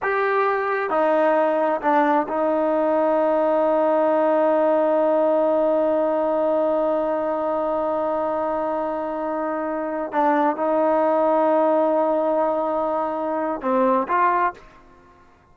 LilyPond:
\new Staff \with { instrumentName = "trombone" } { \time 4/4 \tempo 4 = 132 g'2 dis'2 | d'4 dis'2.~ | dis'1~ | dis'1~ |
dis'1~ | dis'2~ dis'16 d'4 dis'8.~ | dis'1~ | dis'2 c'4 f'4 | }